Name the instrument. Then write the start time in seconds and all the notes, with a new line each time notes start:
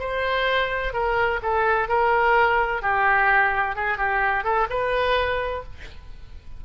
oboe
0.00 C5
0.94 A#4
1.43 A4
1.89 A#4
2.82 G4
3.76 G#4
3.98 G4
4.44 A4
4.70 B4